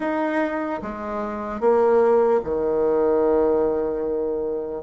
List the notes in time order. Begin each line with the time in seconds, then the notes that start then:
0.00 D#4
0.82 G#3
1.60 A#3
2.44 D#3